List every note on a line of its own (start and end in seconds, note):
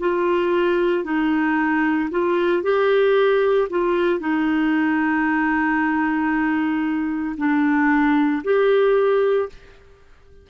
0.00 1.04 F4
1.04 2.10 D#4
2.11 2.63 F4
2.63 3.68 G4
3.70 4.20 F4
4.20 7.36 D#4
7.37 8.43 D4
8.44 9.49 G4